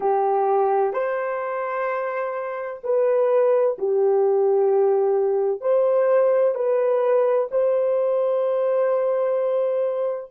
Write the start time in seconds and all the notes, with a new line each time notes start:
0.00 G4
0.93 C5
2.83 B4
3.78 G4
5.60 C5
6.54 B4
7.51 C5